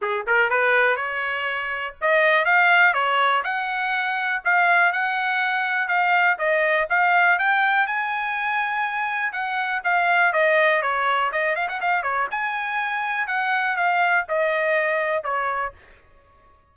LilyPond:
\new Staff \with { instrumentName = "trumpet" } { \time 4/4 \tempo 4 = 122 gis'8 ais'8 b'4 cis''2 | dis''4 f''4 cis''4 fis''4~ | fis''4 f''4 fis''2 | f''4 dis''4 f''4 g''4 |
gis''2. fis''4 | f''4 dis''4 cis''4 dis''8 f''16 fis''16 | f''8 cis''8 gis''2 fis''4 | f''4 dis''2 cis''4 | }